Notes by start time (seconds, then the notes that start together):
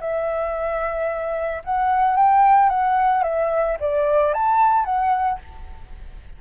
0.00 E5
1.64 F#5
2.16 G5
2.69 F#5
3.23 E5
3.80 D5
4.33 A5
4.85 F#5